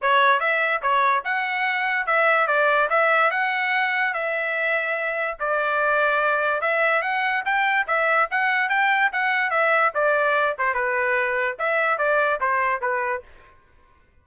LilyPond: \new Staff \with { instrumentName = "trumpet" } { \time 4/4 \tempo 4 = 145 cis''4 e''4 cis''4 fis''4~ | fis''4 e''4 d''4 e''4 | fis''2 e''2~ | e''4 d''2. |
e''4 fis''4 g''4 e''4 | fis''4 g''4 fis''4 e''4 | d''4. c''8 b'2 | e''4 d''4 c''4 b'4 | }